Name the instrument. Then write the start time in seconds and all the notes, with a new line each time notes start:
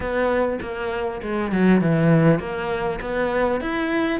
cello
0.00 B3
0.61 A#3
1.22 G#3
1.52 F#3
1.81 E3
2.39 A#3
3.00 B3
3.60 E4